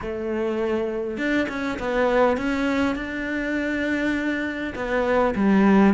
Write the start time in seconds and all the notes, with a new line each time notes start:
0.01 A3
1.17 D4
1.49 C#4
1.79 B3
2.37 C#4
2.95 D4
4.75 B3
5.35 G3